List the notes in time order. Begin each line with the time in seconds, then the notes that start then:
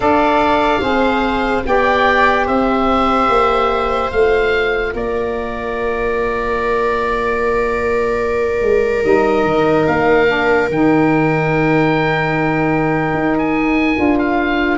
0.00 D4 A4 D5 F5
0.80 C4 G#4 C5
1.66 B3 G4 D5 G5
2.45 C4 C5 E5
3.28 A#3
4.10 A3 F4 F5
4.94 A#3 A#4 D5
8.61 G#3
9.02 G3 D#4 D#5
9.43 D#3
9.86 A#3 F5
10.27 D4
10.69 D#3 D#4 G5
13.13 D#4
13.38 G#5
13.95 D4 F4
14.18 F5